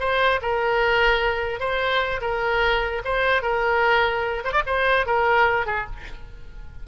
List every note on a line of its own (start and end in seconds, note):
0.00 0.41 C5
0.42 1.60 A#4
1.60 2.21 C5
2.21 3.02 A#4
3.05 3.42 C5
3.42 4.44 A#4
4.44 4.52 C5
4.52 4.62 D5
4.66 5.06 C5
5.06 5.66 A#4
5.66 5.87 G#4